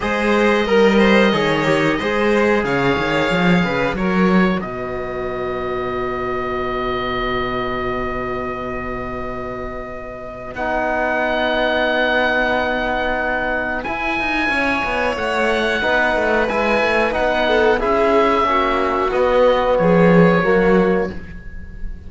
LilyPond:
<<
  \new Staff \with { instrumentName = "oboe" } { \time 4/4 \tempo 4 = 91 dis''1 | f''2 cis''4 dis''4~ | dis''1~ | dis''1 |
fis''1~ | fis''4 gis''2 fis''4~ | fis''4 gis''4 fis''4 e''4~ | e''4 dis''4 cis''2 | }
  \new Staff \with { instrumentName = "violin" } { \time 4/4 c''4 ais'8 c''8 cis''4 c''4 | cis''4. b'8 ais'4 b'4~ | b'1~ | b'1~ |
b'1~ | b'2 cis''2 | b'2~ b'8 a'8 gis'4 | fis'2 gis'4 fis'4 | }
  \new Staff \with { instrumentName = "trombone" } { \time 4/4 gis'4 ais'4 gis'8 g'8 gis'4~ | gis'2 fis'2~ | fis'1~ | fis'1 |
dis'1~ | dis'4 e'2. | dis'4 e'4 dis'4 e'4 | cis'4 b2 ais4 | }
  \new Staff \with { instrumentName = "cello" } { \time 4/4 gis4 g4 dis4 gis4 | cis8 dis8 f8 cis8 fis4 b,4~ | b,1~ | b,1 |
b1~ | b4 e'8 dis'8 cis'8 b8 a4 | b8 a8 gis8 a8 b4 cis'4 | ais4 b4 f4 fis4 | }
>>